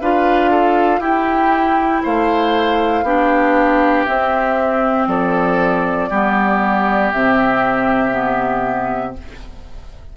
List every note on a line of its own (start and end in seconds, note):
0.00 0.99 D4
0.00 1.00 F4
0.00 0.51 B4
0.00 1.02 F5
0.51 1.00 A4
0.99 2.01 E4
0.99 3.04 E4
0.99 2.01 G4
0.99 2.04 G5
2.03 3.02 A3
2.03 3.04 C5
2.03 4.04 F5
3.02 4.04 B3
3.02 4.07 D4
3.02 5.08 G4
4.04 6.10 C4
4.04 5.07 C4
4.04 5.06 E5
5.07 6.09 F3
5.07 6.09 A4
5.07 7.11 D5
6.09 7.11 G3
6.09 7.13 B3
6.09 9.14 G4
7.11 9.16 C3
7.11 8.11 C4
7.11 9.14 E5
8.11 9.13 B3